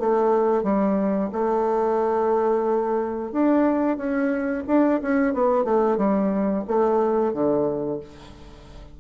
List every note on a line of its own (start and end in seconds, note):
0.00 0.63 A3
0.63 1.30 G3
1.33 3.32 A3
3.32 3.97 D4
3.97 4.64 C#4
4.68 5.01 D4
5.02 5.34 C#4
5.34 5.65 B3
5.65 5.98 A3
5.98 6.64 G3
6.68 7.34 A3
7.34 8.00 D3